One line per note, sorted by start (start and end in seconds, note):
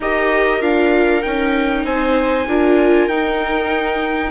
0.00 0.61 D#4
0.00 0.60 G4
0.00 1.85 A#4
0.00 0.61 D#5
0.60 1.23 D4
0.60 1.22 F4
0.60 1.22 F5
1.22 1.84 C#4
1.22 2.47 D#4
1.22 1.84 G5
1.84 2.46 C4
1.84 2.47 C5
1.84 3.08 G#5
2.47 3.07 D4
2.47 3.10 F4
2.47 4.30 A#4
3.07 4.30 D#4
3.07 4.30 G5